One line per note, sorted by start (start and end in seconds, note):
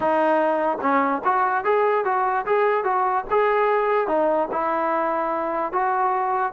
0.00 0.78 D#4
0.81 1.22 C#4
1.24 1.64 F#4
1.64 2.04 G#4
2.04 2.45 F#4
2.46 2.84 G#4
2.84 3.24 F#4
3.30 4.07 G#4
4.07 4.48 D#4
4.51 5.72 E4
5.72 6.53 F#4